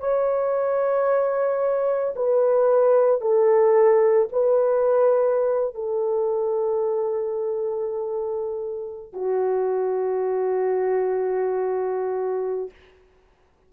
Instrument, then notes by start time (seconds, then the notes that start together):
horn
0.00 C#5
2.16 B4
3.21 A4
4.32 B4
5.75 A4
9.13 F#4